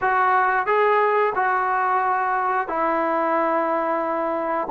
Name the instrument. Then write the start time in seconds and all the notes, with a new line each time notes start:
trombone
0.01 F#4
0.66 G#4
1.35 F#4
2.68 E4